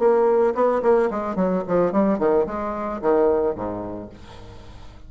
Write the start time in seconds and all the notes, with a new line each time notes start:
0.00 A#3
0.55 B3
0.83 A#3
1.11 G#3
1.36 F#3
1.68 F3
1.93 G3
2.19 D#3
2.47 G#3
3.02 D#3
3.56 G#2